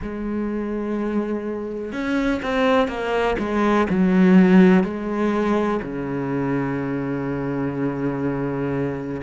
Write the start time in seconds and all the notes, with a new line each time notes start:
0.02 G#3
1.92 C#4
2.42 C4
2.88 A#3
3.39 G#3
3.89 F#3
4.83 G#3
5.82 C#3